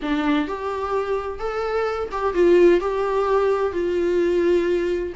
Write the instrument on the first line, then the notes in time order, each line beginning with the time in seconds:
viola
0.02 D4
0.47 G4
1.39 A4
2.11 G4
2.34 F4
2.80 G4
3.72 F4